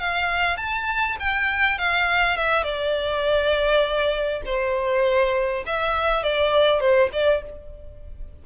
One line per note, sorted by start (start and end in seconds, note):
0.00 0.58 F5
0.58 1.17 A5
1.20 1.78 G5
1.78 2.37 F5
2.37 2.64 E5
2.64 4.42 D5
4.46 5.65 C5
5.67 6.23 E5
6.23 6.80 D5
6.80 7.10 C5
7.13 7.43 D5